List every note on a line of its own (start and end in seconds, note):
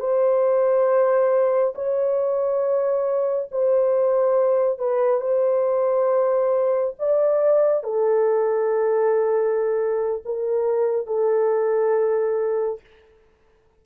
0.00 1.74 C5
1.75 3.49 C#5
3.52 4.79 C5
4.79 5.21 B4
5.21 6.95 C5
6.99 7.84 D5
7.84 10.23 A4
10.25 11.07 A#4
11.07 12.81 A4